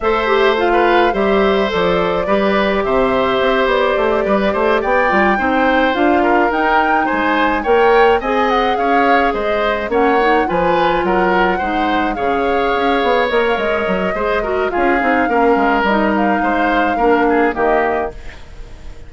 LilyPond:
<<
  \new Staff \with { instrumentName = "flute" } { \time 4/4 \tempo 4 = 106 e''4 f''4 e''4 d''4~ | d''4 e''4. d''4.~ | d''8 g''2 f''4 g''8~ | g''8 gis''4 g''4 gis''8 fis''8 f''8~ |
f''8 dis''4 fis''4 gis''4 fis''8~ | fis''4. f''2 dis''16 f''16 | dis''2 f''2 | dis''8 f''2~ f''8 dis''4 | }
  \new Staff \with { instrumentName = "oboe" } { \time 4/4 c''4~ c''16 b'8. c''2 | b'4 c''2~ c''8 b'8 | c''8 d''4 c''4. ais'4~ | ais'8 c''4 cis''4 dis''4 cis''8~ |
cis''8 c''4 cis''4 b'4 ais'8~ | ais'8 c''4 cis''2~ cis''8~ | cis''4 c''8 ais'8 gis'4 ais'4~ | ais'4 c''4 ais'8 gis'8 g'4 | }
  \new Staff \with { instrumentName = "clarinet" } { \time 4/4 a'8 g'8 f'4 g'4 a'4 | g'1~ | g'4 f'8 dis'4 f'4 dis'8~ | dis'4. ais'4 gis'4.~ |
gis'4. cis'8 dis'8 f'4.~ | f'8 dis'4 gis'2 ais'8~ | ais'4 gis'8 fis'8 f'8 dis'8 cis'4 | dis'2 d'4 ais4 | }
  \new Staff \with { instrumentName = "bassoon" } { \time 4/4 a2 g4 f4 | g4 c4 c'8 b8 a8 g8 | a8 b8 g8 c'4 d'4 dis'8~ | dis'8 gis4 ais4 c'4 cis'8~ |
cis'8 gis4 ais4 f4 fis8~ | fis8 gis4 cis4 cis'8 b8 ais8 | gis8 fis8 gis4 cis'8 c'8 ais8 gis8 | g4 gis4 ais4 dis4 | }
>>